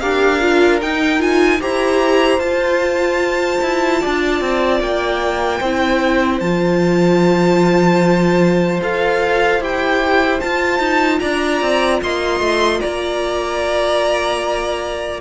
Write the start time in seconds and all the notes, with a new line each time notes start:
0.00 D4 G4 A#4 F5
0.40 F4
0.82 D#4 G5
1.19 F4 G#5
1.61 E4 G4 C5 A#5
2.39 F4 A5
3.62 E4
4.01 D4 D5
4.41 C4
4.81 A#3 G5
5.60 C4 E4 C5
6.40 F3 F4 A5
8.82 F4 A4 F5
9.61 E4 G4 G5
10.41 F4 A5
10.79 D#4
11.20 D4 D5 A#5
11.62 C4
12.03 A#3 D#5 C6
12.40 A3
12.81 A#3 D5 A#5